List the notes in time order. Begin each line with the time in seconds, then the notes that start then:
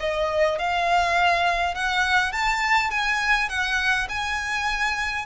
0.00 D#5
0.59 F5
1.75 F#5
2.32 A5
2.91 G#5
3.49 F#5
4.09 G#5